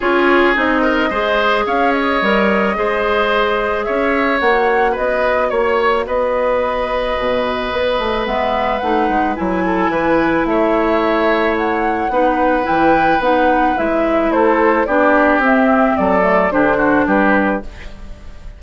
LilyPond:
<<
  \new Staff \with { instrumentName = "flute" } { \time 4/4 \tempo 4 = 109 cis''4 dis''2 f''8 dis''8~ | dis''2. e''4 | fis''4 dis''4 cis''4 dis''4~ | dis''2. e''4 |
fis''4 gis''2 e''4~ | e''4 fis''2 g''4 | fis''4 e''4 c''4 d''4 | e''4 d''4 c''4 b'4 | }
  \new Staff \with { instrumentName = "oboe" } { \time 4/4 gis'4. ais'8 c''4 cis''4~ | cis''4 c''2 cis''4~ | cis''4 b'4 cis''4 b'4~ | b'1~ |
b'4. a'8 b'4 cis''4~ | cis''2 b'2~ | b'2 a'4 g'4~ | g'4 a'4 g'8 fis'8 g'4 | }
  \new Staff \with { instrumentName = "clarinet" } { \time 4/4 f'4 dis'4 gis'2 | ais'4 gis'2. | fis'1~ | fis'2. b4 |
dis'4 e'2.~ | e'2 dis'4 e'4 | dis'4 e'2 d'4 | c'4. a8 d'2 | }
  \new Staff \with { instrumentName = "bassoon" } { \time 4/4 cis'4 c'4 gis4 cis'4 | g4 gis2 cis'4 | ais4 b4 ais4 b4~ | b4 b,4 b8 a8 gis4 |
a8 gis8 fis4 e4 a4~ | a2 b4 e4 | b4 gis4 a4 b4 | c'4 fis4 d4 g4 | }
>>